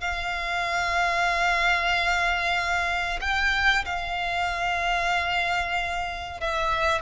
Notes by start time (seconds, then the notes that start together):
0.00 F5
3.20 G5
3.85 F5
6.40 E5